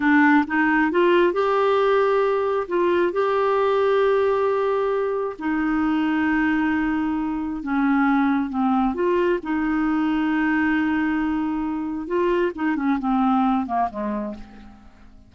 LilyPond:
\new Staff \with { instrumentName = "clarinet" } { \time 4/4 \tempo 4 = 134 d'4 dis'4 f'4 g'4~ | g'2 f'4 g'4~ | g'1 | dis'1~ |
dis'4 cis'2 c'4 | f'4 dis'2.~ | dis'2. f'4 | dis'8 cis'8 c'4. ais8 gis4 | }